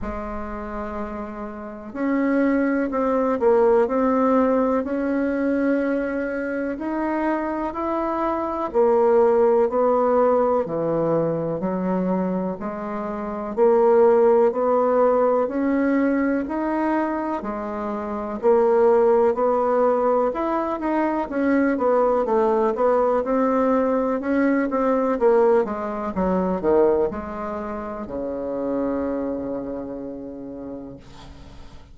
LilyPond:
\new Staff \with { instrumentName = "bassoon" } { \time 4/4 \tempo 4 = 62 gis2 cis'4 c'8 ais8 | c'4 cis'2 dis'4 | e'4 ais4 b4 e4 | fis4 gis4 ais4 b4 |
cis'4 dis'4 gis4 ais4 | b4 e'8 dis'8 cis'8 b8 a8 b8 | c'4 cis'8 c'8 ais8 gis8 fis8 dis8 | gis4 cis2. | }